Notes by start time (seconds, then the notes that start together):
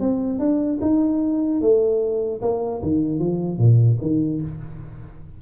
0.00 C4
0.39 D4
0.81 D#4
1.61 A3
2.42 A#3
2.83 D#3
3.19 F3
3.58 A#2
4.02 D#3